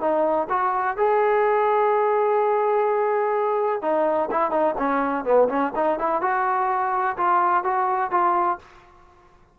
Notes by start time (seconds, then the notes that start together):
0.00 D#4
0.50 F#4
0.97 G#4
3.82 D#4
4.31 E4
4.51 D#4
4.78 C#4
5.24 B3
5.49 C#4
5.75 D#4
5.99 E4
6.21 F#4
7.17 F4
7.64 F#4
8.11 F4